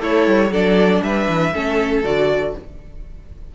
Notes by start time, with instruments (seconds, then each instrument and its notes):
0.00 cello A3, violin E4 C#5, viola A4
0.27 cello G3
0.50 cello F#3, viola D4, violin A4 D5
1.02 cello G3, violin B4 E5
1.28 cello E3
1.53 cello A3, viola C#4, violin A4
2.04 cello D3, viola F#4, violin D5